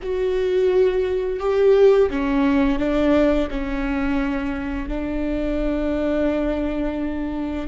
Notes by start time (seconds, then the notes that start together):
0.02 F#4
1.40 G4
2.10 C#4
2.78 D4
3.50 C#4
4.88 D4